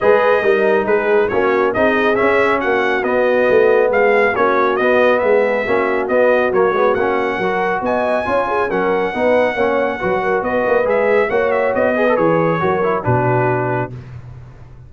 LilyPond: <<
  \new Staff \with { instrumentName = "trumpet" } { \time 4/4 \tempo 4 = 138 dis''2 b'4 cis''4 | dis''4 e''4 fis''4 dis''4~ | dis''4 f''4 cis''4 dis''4 | e''2 dis''4 cis''4 |
fis''2 gis''2 | fis''1 | dis''4 e''4 fis''8 e''8 dis''4 | cis''2 b'2 | }
  \new Staff \with { instrumentName = "horn" } { \time 4/4 b'4 ais'4 gis'4 fis'4 | gis'2 fis'2~ | fis'4 gis'4 fis'2 | gis'4 fis'2.~ |
fis'4 ais'4 dis''4 cis''8 gis'8 | ais'4 b'4 cis''4 b'8 ais'8 | b'2 cis''4. b'8~ | b'4 ais'4 fis'2 | }
  \new Staff \with { instrumentName = "trombone" } { \time 4/4 gis'4 dis'2 cis'4 | dis'4 cis'2 b4~ | b2 cis'4 b4~ | b4 cis'4 b4 ais8 b8 |
cis'4 fis'2 f'4 | cis'4 dis'4 cis'4 fis'4~ | fis'4 gis'4 fis'4. gis'16 a'16 | gis'4 fis'8 e'8 d'2 | }
  \new Staff \with { instrumentName = "tuba" } { \time 4/4 gis4 g4 gis4 ais4 | c'4 cis'4 ais4 b4 | a4 gis4 ais4 b4 | gis4 ais4 b4 fis8 gis8 |
ais4 fis4 b4 cis'4 | fis4 b4 ais4 fis4 | b8 ais8 gis4 ais4 b4 | e4 fis4 b,2 | }
>>